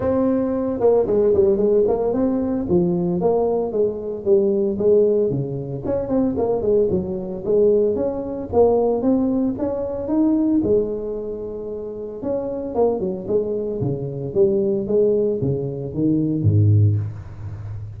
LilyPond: \new Staff \with { instrumentName = "tuba" } { \time 4/4 \tempo 4 = 113 c'4. ais8 gis8 g8 gis8 ais8 | c'4 f4 ais4 gis4 | g4 gis4 cis4 cis'8 c'8 | ais8 gis8 fis4 gis4 cis'4 |
ais4 c'4 cis'4 dis'4 | gis2. cis'4 | ais8 fis8 gis4 cis4 g4 | gis4 cis4 dis4 gis,4 | }